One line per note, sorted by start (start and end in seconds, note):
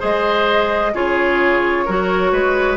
0.00 0.94 G#3
0.00 0.92 G#4
0.00 0.92 C5
0.00 0.95 D#5
0.94 1.87 C#3
0.94 1.87 F4
0.94 1.86 G#4
0.94 2.77 C#5
1.86 2.32 F#3
1.86 2.77 F#4
1.86 2.32 A#4
2.32 2.77 G#3
2.32 2.77 B4